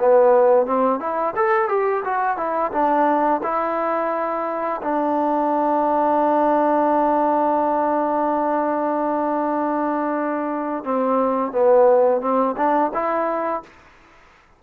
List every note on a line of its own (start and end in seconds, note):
0.00 0.66 B3
0.66 1.00 C4
1.00 1.35 E4
1.36 1.69 A4
1.69 2.04 G4
2.05 2.38 F#4
2.38 2.72 E4
2.73 3.42 D4
3.44 4.82 E4
4.83 10.85 D4
10.85 11.52 C4
11.52 12.21 B3
12.21 12.56 C4
12.57 12.92 D4
12.94 13.63 E4